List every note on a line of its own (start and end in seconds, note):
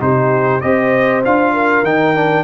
0.00 0.62 C3
0.00 0.61 D#4
0.00 0.64 G4
0.00 0.61 C5
0.61 1.25 C4
0.61 1.24 G4
0.61 1.53 C5
0.61 1.22 D#5
1.24 1.83 D4
1.24 1.85 F4
1.24 1.85 F5
1.53 2.43 A#4
1.83 2.43 D#3
1.83 2.15 D#4
1.83 2.43 G5
2.15 2.43 D4